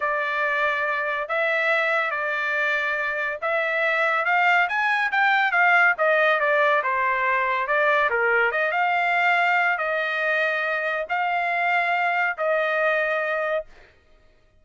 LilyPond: \new Staff \with { instrumentName = "trumpet" } { \time 4/4 \tempo 4 = 141 d''2. e''4~ | e''4 d''2. | e''2 f''4 gis''4 | g''4 f''4 dis''4 d''4 |
c''2 d''4 ais'4 | dis''8 f''2~ f''8 dis''4~ | dis''2 f''2~ | f''4 dis''2. | }